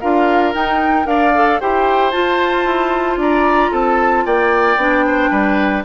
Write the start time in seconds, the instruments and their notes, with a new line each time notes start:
0.00 bassoon D4, clarinet F4, oboe A#4, flute F5
0.53 clarinet D#4, bassoon D#4, flute G5
1.04 bassoon D4, clarinet A#4, oboe D5, flute F5
1.34 clarinet A4
1.60 bassoon E4, clarinet G4, oboe C5, flute G5
2.11 clarinet F4, bassoon F4, flute A5
2.64 bassoon E4
3.16 bassoon D4, oboe D5, flute A#5
3.71 bassoon C4, oboe A4, flute A5
4.26 bassoon A#3, oboe D5, flute G5
4.76 bassoon B3, clarinet D4
5.06 oboe C5
5.30 bassoon G3, oboe B4